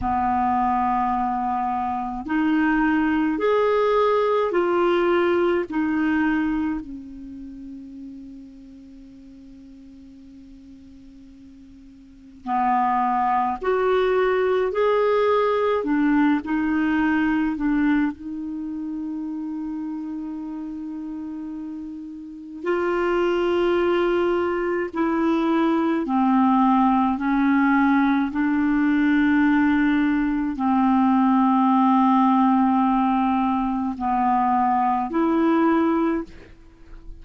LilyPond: \new Staff \with { instrumentName = "clarinet" } { \time 4/4 \tempo 4 = 53 b2 dis'4 gis'4 | f'4 dis'4 cis'2~ | cis'2. b4 | fis'4 gis'4 d'8 dis'4 d'8 |
dis'1 | f'2 e'4 c'4 | cis'4 d'2 c'4~ | c'2 b4 e'4 | }